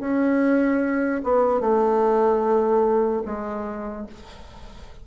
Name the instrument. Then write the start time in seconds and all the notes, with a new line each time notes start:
bassoon
0.00 C#4
1.23 B3
1.61 A3
3.25 G#3